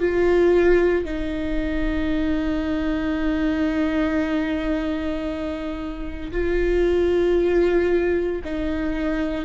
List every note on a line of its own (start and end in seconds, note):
0.00 1.05 F4
1.05 6.32 D#4
6.32 8.43 F4
8.45 9.45 D#4